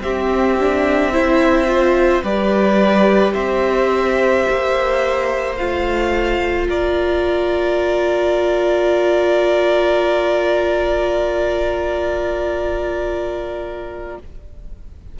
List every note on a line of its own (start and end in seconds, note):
0.00 2.22 C4
0.00 0.59 C4
0.00 1.13 G4
0.00 2.24 E5
0.60 1.12 D4
1.12 1.67 E4
1.12 2.24 C5
1.67 2.23 F4
2.23 3.34 G3
2.23 5.57 G4
2.23 3.34 B4
2.23 3.34 D5
3.34 4.46 C4
3.34 6.67 C5
3.34 5.56 E5
4.49 5.60 A#3
5.57 6.68 A3
5.57 14.19 F4
5.57 6.68 F5
6.68 14.18 A#3
6.68 14.19 A#4
6.68 14.20 D5